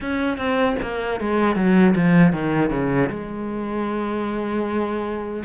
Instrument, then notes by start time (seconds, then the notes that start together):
cello
0.00 C#4
0.37 C4
0.81 A#3
1.20 G#3
1.55 F#3
1.95 F3
2.32 D#3
2.70 C#3
3.09 G#3